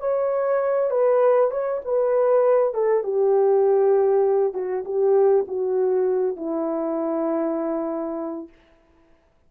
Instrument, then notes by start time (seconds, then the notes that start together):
horn
0.00 C#5
0.91 B4
1.51 C#5
1.85 B4
2.74 A4
3.04 G4
4.54 F#4
4.85 G4
5.48 F#4
6.37 E4